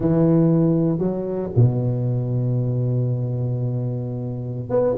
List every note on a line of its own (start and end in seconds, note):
0.00 0.98 E3
0.98 1.49 F#3
1.55 4.69 B2
4.69 4.95 B3